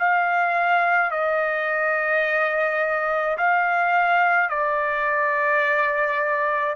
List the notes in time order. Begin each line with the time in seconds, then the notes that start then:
0.00 F5
1.11 D#5
3.38 F5
4.50 D5